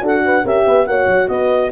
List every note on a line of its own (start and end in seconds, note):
0.00 0.43 D4
0.00 0.43 F#4
0.00 0.24 A4
0.00 0.46 F#5
0.25 0.44 B4
0.44 0.65 C#4
0.44 0.87 G4
0.44 0.65 A#4
0.44 0.86 E5
0.65 0.87 B3
0.65 0.87 B4
0.86 1.06 A#3
0.86 1.71 F#4
0.86 1.28 C#5
0.86 1.28 F#5
1.06 1.27 F#3
1.28 1.71 B3
1.28 1.71 B4
1.28 1.70 D#5